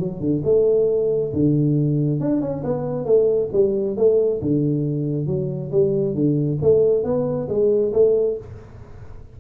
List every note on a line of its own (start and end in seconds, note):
0.00 0.21 F#3
0.21 0.43 D3
0.45 1.33 A3
1.33 2.21 D3
2.21 2.41 D4
2.41 2.64 C#4
2.64 3.06 B3
3.06 3.50 A3
3.53 3.97 G3
3.97 4.41 A3
4.42 5.27 D3
5.27 5.71 F#3
5.72 6.15 G3
6.15 6.59 D3
6.62 7.04 A3
7.04 7.49 B3
7.49 7.93 G#3
7.94 8.38 A3